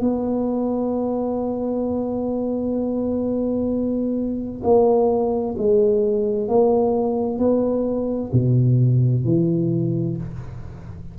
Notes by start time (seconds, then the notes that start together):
0.00 B3
4.63 A#3
5.58 G#3
6.48 A#3
7.38 B3
8.32 B2
9.25 E3